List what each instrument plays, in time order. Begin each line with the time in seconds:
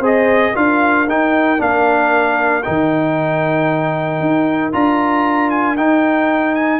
0.00 tuba C4, trombone G#4, horn C5, trumpet D#5
0.53 tuba D4, trombone F4, horn A#4, trumpet F5
1.08 tuba D#4, trombone D#4, trumpet G5
1.58 tuba A#3, trombone D4, trumpet F5
2.63 tuba D#3, trombone D#4, trumpet G5
4.21 tuba D#4
4.73 tuba D4, trombone F4, trumpet A#5
5.50 trumpet G#5
5.77 tuba D#4, trombone D#4, trumpet G5
6.55 trumpet G#5